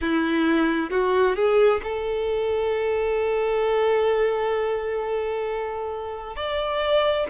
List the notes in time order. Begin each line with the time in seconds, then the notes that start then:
0.01 E4
0.90 F#4
1.35 G#4
1.83 A4
6.36 D5